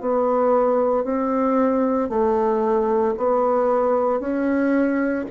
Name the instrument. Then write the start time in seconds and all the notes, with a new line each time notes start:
bassoon
0.00 B3
1.03 C4
2.09 A3
3.17 B3
4.20 C#4